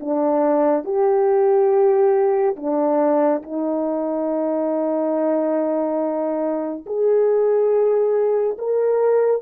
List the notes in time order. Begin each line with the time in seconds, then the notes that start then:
0.00 D4
0.84 G4
2.56 D4
3.43 D#4
6.86 G#4
8.58 A#4